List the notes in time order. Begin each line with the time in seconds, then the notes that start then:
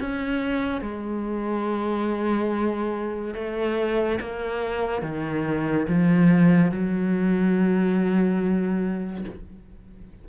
0.00 C#4
0.82 G#3
3.35 A3
4.21 A#3
5.02 D#3
5.88 F3
6.71 F#3